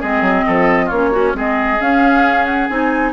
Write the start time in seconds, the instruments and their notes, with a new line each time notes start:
0.00 bassoon G#3, clarinet C4, oboe G#4, flute D#5
0.21 bassoon F#3
0.46 bassoon F3, oboe A4
0.86 bassoon A#3, oboe F4, flute C#5
0.92 clarinet C#4
1.11 oboe C#4, clarinet F#4
1.33 bassoon G#3, clarinet C4, oboe G#4, flute D#5
1.80 clarinet C#4, bassoon C#4, flute F5
2.45 flute F#5
2.68 bassoon C4, clarinet D#4, flute G#5